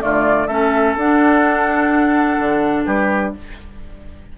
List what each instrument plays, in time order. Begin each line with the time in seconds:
0.00 bassoon D3, clarinet A3, oboe F4, flute D5
0.47 bassoon A3, clarinet C#4, oboe A4, flute E5
0.96 bassoon D4, clarinet D4, flute F#5
2.39 bassoon D3
2.86 bassoon G3, oboe G4, flute B4